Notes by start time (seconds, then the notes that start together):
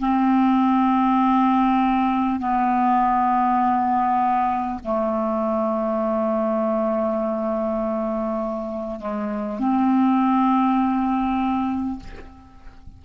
0.00 C4
2.39 B3
4.84 A3
9.00 G#3
9.59 C4